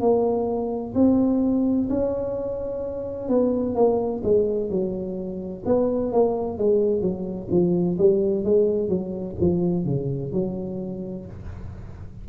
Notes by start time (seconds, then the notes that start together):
0.00 A#3
0.94 C4
1.89 C#4
3.28 B3
3.75 A#3
4.23 G#3
4.69 F#3
5.65 B3
6.12 A#3
6.58 G#3
7.01 F#3
7.50 F3
7.98 G3
8.44 G#3
8.88 F#3
9.40 F3
9.85 C#3
10.32 F#3